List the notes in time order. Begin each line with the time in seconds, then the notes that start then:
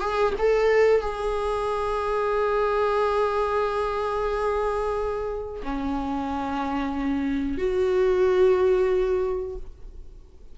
0.00 G#4
0.38 A4
1.00 G#4
5.63 C#4
7.58 F#4